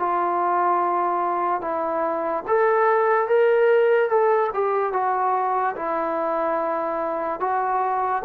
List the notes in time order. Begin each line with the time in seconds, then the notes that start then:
0.00 F4
1.62 E4
2.48 A4
3.28 A#4
4.09 A4
4.54 G4
4.94 F#4
5.76 E4
7.40 F#4